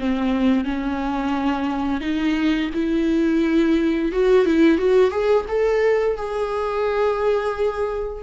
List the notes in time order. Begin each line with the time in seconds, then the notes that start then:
0.00 C4
0.65 C#4
2.01 D#4
2.74 E4
4.12 F#4
4.46 E4
4.78 F#4
5.11 G#4
5.48 A4
6.17 G#4